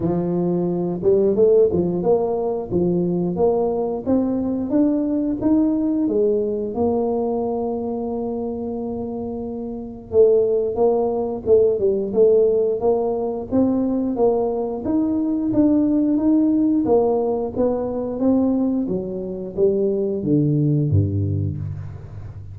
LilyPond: \new Staff \with { instrumentName = "tuba" } { \time 4/4 \tempo 4 = 89 f4. g8 a8 f8 ais4 | f4 ais4 c'4 d'4 | dis'4 gis4 ais2~ | ais2. a4 |
ais4 a8 g8 a4 ais4 | c'4 ais4 dis'4 d'4 | dis'4 ais4 b4 c'4 | fis4 g4 d4 g,4 | }